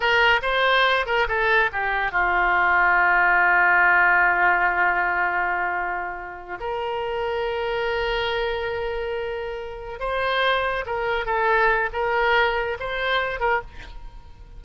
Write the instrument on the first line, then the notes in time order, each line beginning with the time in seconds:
oboe
0.00 A#4
0.42 C5
1.06 A#4
1.28 A4
1.72 G4
2.11 F4
6.60 A#4
9.99 C5
10.85 A#4
11.25 A4
11.92 A#4
12.79 C5
13.40 A#4